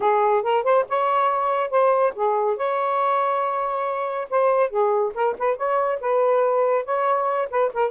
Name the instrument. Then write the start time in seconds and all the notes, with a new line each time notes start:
saxophone
0.00 G#4
0.43 A#4
0.63 C5
0.88 C#5
1.70 C5
2.15 G#4
2.56 C#5
4.30 C5
4.69 G#4
5.14 A#4
5.38 B4
5.56 C#5
6.00 B4
6.84 C#5
7.50 B4
7.73 A#4